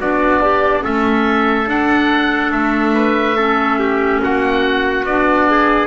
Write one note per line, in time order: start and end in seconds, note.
0.00 0.85 B3
0.00 0.42 D4
0.00 0.41 F#4
0.00 0.85 D5
0.41 0.83 D4
0.41 0.82 G4
0.82 1.67 A3
0.82 1.66 C#4
0.82 2.94 A4
0.82 1.70 E5
1.67 3.36 D4
1.67 2.52 D4
1.67 2.53 F#5
2.52 4.21 A3
2.52 4.22 E5
2.95 3.37 B4
3.37 5.06 C#4
3.37 3.79 A4
3.80 4.22 G4
4.24 5.04 A#3
4.24 5.51 F#4
4.24 5.06 F#5
5.04 5.87 B3
5.04 5.87 D4
5.04 5.87 D5
5.51 5.87 G#4